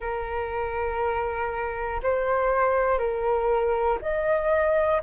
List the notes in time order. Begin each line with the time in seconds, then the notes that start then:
0.00 A#4
2.02 C5
2.98 A#4
4.01 D#5